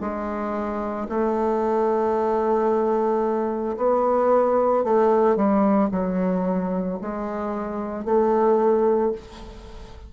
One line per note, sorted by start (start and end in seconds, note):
0.00 1.07 G#3
1.09 3.76 A3
3.76 4.84 B3
4.84 5.36 A3
5.36 5.89 G3
5.91 6.98 F#3
7.01 8.05 G#3
8.05 9.12 A3